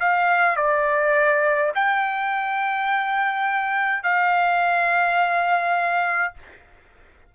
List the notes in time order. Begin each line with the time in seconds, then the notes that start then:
0.00 F5
0.57 D5
1.75 G5
4.03 F5